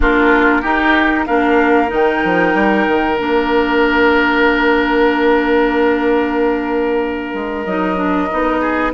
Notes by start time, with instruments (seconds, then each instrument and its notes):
0.00 bassoon A#3, clarinet D4, oboe F4, flute A#4
0.61 bassoon D#4, clarinet D#4, oboe G4
1.26 bassoon A#3, clarinet D4, oboe A#4, flute F5
1.87 bassoon D#3, clarinet D#4, flute G5
2.24 bassoon F3
2.54 bassoon G3
2.87 bassoon D#3
3.17 bassoon A#3, clarinet D4, flute F5
7.33 bassoon G#3
7.64 bassoon F#3, clarinet D#4, flute D#5
7.95 clarinet D4
8.30 bassoon B3, clarinet D#4
8.60 oboe G#4